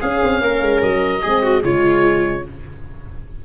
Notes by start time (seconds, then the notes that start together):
0.00 C#4 G#4 F5
0.23 C4
0.41 A#3 A#4
0.62 G#3
0.82 F#3 D#5
1.23 G#3 C4 G#4
1.43 F#4
1.62 C#3 G#3 F4 C#5